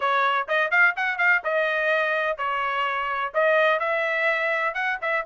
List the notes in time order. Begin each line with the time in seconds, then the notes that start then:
0.00 C#5
0.48 D#5
0.70 F5
0.96 F#5
1.18 F5
1.44 D#5
2.37 C#5
3.34 D#5
3.79 E5
4.74 F#5
5.01 E5